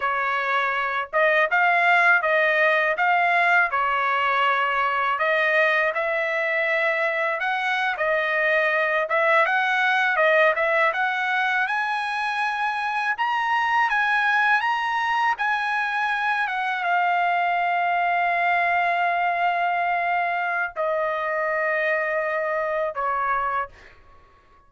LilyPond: \new Staff \with { instrumentName = "trumpet" } { \time 4/4 \tempo 4 = 81 cis''4. dis''8 f''4 dis''4 | f''4 cis''2 dis''4 | e''2 fis''8. dis''4~ dis''16~ | dis''16 e''8 fis''4 dis''8 e''8 fis''4 gis''16~ |
gis''4.~ gis''16 ais''4 gis''4 ais''16~ | ais''8. gis''4. fis''8 f''4~ f''16~ | f''1 | dis''2. cis''4 | }